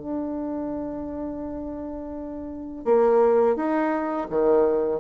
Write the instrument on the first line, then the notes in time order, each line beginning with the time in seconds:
bassoon
0.00 D4
2.85 A#3
3.56 D#4
4.30 D#3